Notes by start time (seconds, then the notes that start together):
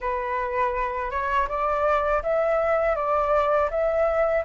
0.00 B4
1.10 C#5
1.48 D5
2.22 E5
2.95 D5
3.70 E5